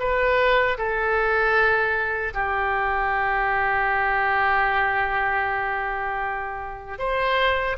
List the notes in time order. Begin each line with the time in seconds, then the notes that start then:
0.00 B4
0.78 A4
2.34 G4
6.99 C5